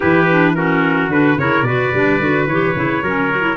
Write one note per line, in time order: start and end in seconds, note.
0.00 1.08 E3
0.00 0.28 E4
0.00 0.54 G4
0.00 0.55 B4
0.30 0.56 D4
0.55 1.10 C#4
0.55 1.39 F#4
0.55 1.10 A#4
1.08 1.36 D3
1.08 1.38 D4
1.08 1.38 B4
1.36 1.61 C#3
1.36 1.65 E4
1.36 1.66 A#4
1.36 1.62 C#5
1.61 1.89 B2
1.61 1.93 F#4
1.61 3.03 B4
1.61 2.44 D5
1.93 2.20 G3
1.93 2.20 D4
2.20 2.47 D3
2.20 2.48 F#4
2.47 2.74 E3
2.47 2.75 G4
2.47 3.56 C#5
2.75 3.02 C#3
2.75 3.02 E4
3.02 3.56 F#3
3.02 3.30 C#4
3.02 3.56 A#4
3.30 3.41 F#4
3.41 3.54 E4